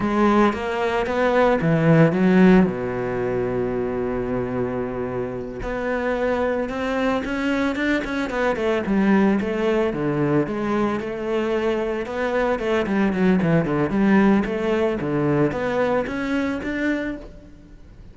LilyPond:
\new Staff \with { instrumentName = "cello" } { \time 4/4 \tempo 4 = 112 gis4 ais4 b4 e4 | fis4 b,2.~ | b,2~ b,8 b4.~ | b8 c'4 cis'4 d'8 cis'8 b8 |
a8 g4 a4 d4 gis8~ | gis8 a2 b4 a8 | g8 fis8 e8 d8 g4 a4 | d4 b4 cis'4 d'4 | }